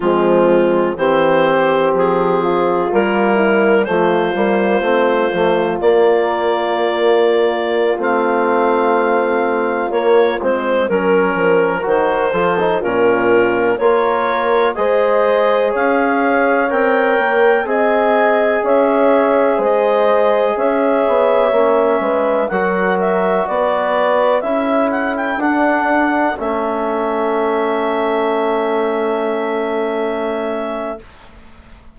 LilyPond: <<
  \new Staff \with { instrumentName = "clarinet" } { \time 4/4 \tempo 4 = 62 f'4 c''4 gis'4 ais'4 | c''2 d''2~ | d''16 f''2 cis''8 c''8 ais'8.~ | ais'16 c''4 ais'4 cis''4 dis''8.~ |
dis''16 f''4 g''4 gis''4 e''8.~ | e''16 dis''4 e''2 fis''8 e''16~ | e''16 d''4 e''8 fis''16 g''16 fis''4 e''8.~ | e''1 | }
  \new Staff \with { instrumentName = "horn" } { \time 4/4 c'4 g'4. f'4 e'8 | f'1~ | f'2.~ f'16 ais'8.~ | ais'8. a'8 f'4 ais'4 c''8.~ |
c''16 cis''2 dis''4 cis''8.~ | cis''16 c''4 cis''4. b'8 ais'8.~ | ais'16 b'4 a'2~ a'8.~ | a'1 | }
  \new Staff \with { instrumentName = "trombone" } { \time 4/4 gis4 c'2 ais4 | a8 ais8 c'8 a8 ais2~ | ais16 c'2 ais8 c'8 cis'8.~ | cis'16 fis'8 f'16 dis'16 cis'4 f'4 gis'8.~ |
gis'4~ gis'16 ais'4 gis'4.~ gis'16~ | gis'2~ gis'16 cis'4 fis'8.~ | fis'4~ fis'16 e'4 d'4 cis'8.~ | cis'1 | }
  \new Staff \with { instrumentName = "bassoon" } { \time 4/4 f4 e4 f4 g4 | f8 g8 a8 f8 ais2~ | ais16 a2 ais8 gis8 fis8 f16~ | f16 dis8 f8 ais,4 ais4 gis8.~ |
gis16 cis'4 c'8 ais8 c'4 cis'8.~ | cis'16 gis4 cis'8 b8 ais8 gis8 fis8.~ | fis16 b4 cis'4 d'4 a8.~ | a1 | }
>>